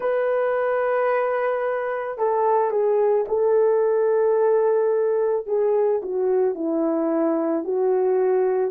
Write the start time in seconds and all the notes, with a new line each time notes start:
0.00 B4
2.18 A4
2.70 G#4
3.28 A4
5.46 G#4
6.02 F#4
6.55 E4
7.64 F#4